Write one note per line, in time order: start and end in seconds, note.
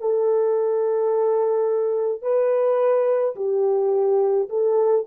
0.00 2.22 A4
2.22 3.35 B4
3.36 4.49 G4
4.49 5.06 A4